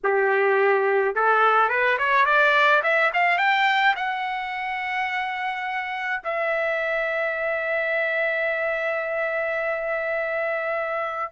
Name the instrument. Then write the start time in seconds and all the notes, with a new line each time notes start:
trumpet
0.03 G4
1.15 A4
1.69 B4
1.98 C#5
2.25 D5
2.83 E5
3.13 F5
3.38 G5
3.96 F#5
6.24 E5